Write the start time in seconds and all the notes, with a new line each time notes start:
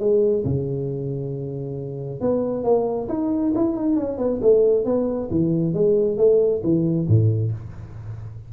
0.00 G#3
0.45 C#3
2.21 B3
2.64 A#3
3.09 D#4
3.55 E4
3.77 D#4
3.97 C#4
4.19 B3
4.42 A3
4.85 B3
5.31 E3
5.74 G#3
6.18 A3
6.64 E3
7.08 A2